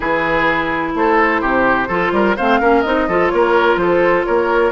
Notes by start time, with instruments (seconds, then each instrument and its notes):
0.00 bassoon E3, clarinet E4, oboe G#4, flute B4
0.94 bassoon A3, oboe A4, flute C5
1.41 bassoon C3, oboe G4
1.88 bassoon F3, clarinet F4, oboe A4
2.11 bassoon G3, oboe A#4
2.36 bassoon A3, clarinet C4, oboe C5, flute F5
2.60 bassoon A#3, clarinet C#4, oboe A#4
2.81 bassoon C4, clarinet D#4, flute D#5
3.08 bassoon F3, clarinet F4, oboe A4
3.29 bassoon A#3, oboe A#4, flute C#5
3.75 bassoon F3, oboe A4, flute C5
4.25 bassoon A#3, oboe A#4, flute C#5